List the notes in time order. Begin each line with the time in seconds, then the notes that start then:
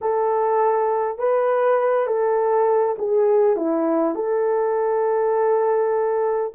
0.01 A4
1.18 B4
2.06 A4
2.98 G#4
3.56 E4
4.15 A4